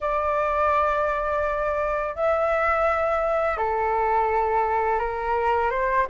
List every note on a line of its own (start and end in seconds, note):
0.01 2.15 D5
2.15 3.57 E5
3.57 4.99 A4
4.99 5.70 A#4
5.70 6.06 C5